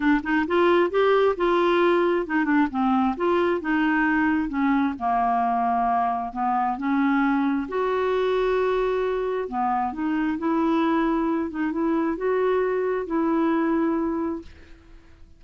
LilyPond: \new Staff \with { instrumentName = "clarinet" } { \time 4/4 \tempo 4 = 133 d'8 dis'8 f'4 g'4 f'4~ | f'4 dis'8 d'8 c'4 f'4 | dis'2 cis'4 ais4~ | ais2 b4 cis'4~ |
cis'4 fis'2.~ | fis'4 b4 dis'4 e'4~ | e'4. dis'8 e'4 fis'4~ | fis'4 e'2. | }